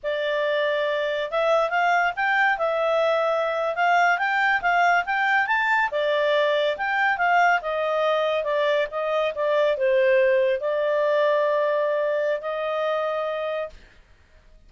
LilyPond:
\new Staff \with { instrumentName = "clarinet" } { \time 4/4 \tempo 4 = 140 d''2. e''4 | f''4 g''4 e''2~ | e''8. f''4 g''4 f''4 g''16~ | g''8. a''4 d''2 g''16~ |
g''8. f''4 dis''2 d''16~ | d''8. dis''4 d''4 c''4~ c''16~ | c''8. d''2.~ d''16~ | d''4 dis''2. | }